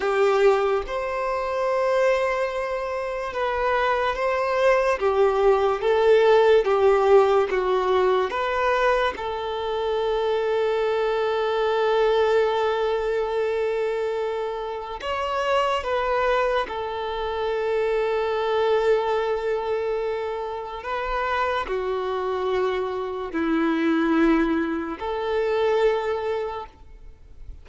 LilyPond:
\new Staff \with { instrumentName = "violin" } { \time 4/4 \tempo 4 = 72 g'4 c''2. | b'4 c''4 g'4 a'4 | g'4 fis'4 b'4 a'4~ | a'1~ |
a'2 cis''4 b'4 | a'1~ | a'4 b'4 fis'2 | e'2 a'2 | }